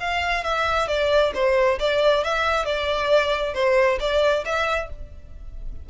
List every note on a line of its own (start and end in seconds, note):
0.00 0.44 F5
0.44 0.88 E5
0.88 1.32 D5
1.35 1.79 C5
1.80 2.24 D5
2.24 2.65 E5
2.65 3.54 D5
3.54 3.99 C5
4.00 4.44 D5
4.45 4.90 E5